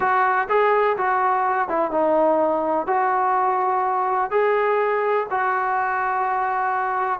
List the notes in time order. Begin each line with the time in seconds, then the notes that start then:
0.00 F#4
0.48 G#4
0.97 F#4
1.68 E4
1.91 D#4
2.86 F#4
4.31 G#4
5.30 F#4